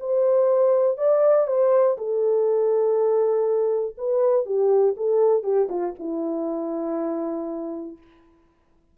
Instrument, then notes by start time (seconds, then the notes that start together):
horn
0.00 C5
0.98 D5
1.47 C5
1.98 A4
3.98 B4
4.46 G4
4.97 A4
5.43 G4
5.69 F4
5.99 E4